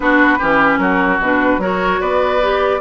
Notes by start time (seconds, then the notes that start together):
0.00 B3 D4 F#4 B4
0.38 E3 C#4 G4
0.78 F#3 F#4 A#4
1.19 B2 D4 B4
1.58 F#3 F#4 A#4 C#5
2.00 B3 B4 D5
2.41 G4